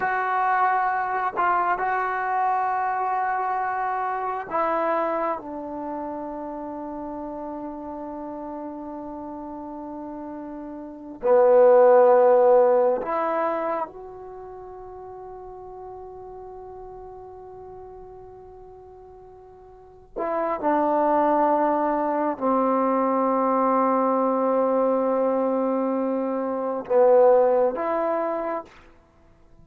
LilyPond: \new Staff \with { instrumentName = "trombone" } { \time 4/4 \tempo 4 = 67 fis'4. f'8 fis'2~ | fis'4 e'4 d'2~ | d'1~ | d'8 b2 e'4 fis'8~ |
fis'1~ | fis'2~ fis'8 e'8 d'4~ | d'4 c'2.~ | c'2 b4 e'4 | }